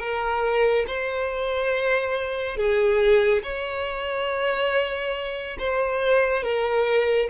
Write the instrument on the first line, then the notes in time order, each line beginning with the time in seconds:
violin
0.00 A#4
0.88 C5
2.57 G#4
3.43 C#5
5.59 C5
6.44 A#4